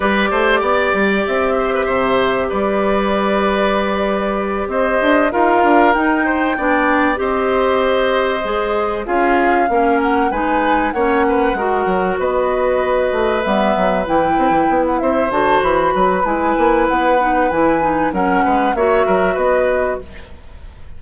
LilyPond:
<<
  \new Staff \with { instrumentName = "flute" } { \time 4/4 \tempo 4 = 96 d''2 e''2 | d''2.~ d''8 dis''8~ | dis''8 f''4 g''2 dis''8~ | dis''2~ dis''8 f''4. |
fis''8 gis''4 fis''2 dis''8~ | dis''4. e''4 g''4~ g''16 fis''16 | e''8 a''8 b''4 gis''4 fis''4 | gis''4 fis''4 e''4 dis''4 | }
  \new Staff \with { instrumentName = "oboe" } { \time 4/4 b'8 c''8 d''4. c''16 b'16 c''4 | b'2.~ b'8 c''8~ | c''8 ais'4. c''8 d''4 c''8~ | c''2~ c''8 gis'4 ais'8~ |
ais'8 b'4 cis''8 b'8 ais'4 b'8~ | b'1 | c''4. b'2~ b'8~ | b'4 ais'8 b'8 cis''8 ais'8 b'4 | }
  \new Staff \with { instrumentName = "clarinet" } { \time 4/4 g'1~ | g'1~ | g'8 f'4 dis'4 d'4 g'8~ | g'4. gis'4 f'4 cis'8~ |
cis'8 dis'4 cis'4 fis'4.~ | fis'4. b4 e'4.~ | e'8 fis'4. e'4. dis'8 | e'8 dis'8 cis'4 fis'2 | }
  \new Staff \with { instrumentName = "bassoon" } { \time 4/4 g8 a8 b8 g8 c'4 c4 | g2.~ g8 c'8 | d'8 dis'8 d'8 dis'4 b4 c'8~ | c'4. gis4 cis'4 ais8~ |
ais8 gis4 ais4 gis8 fis8 b8~ | b4 a8 g8 fis8 e8 c'16 e16 b8 | c'8 d8 e8 fis8 gis8 ais8 b4 | e4 fis8 gis8 ais8 fis8 b4 | }
>>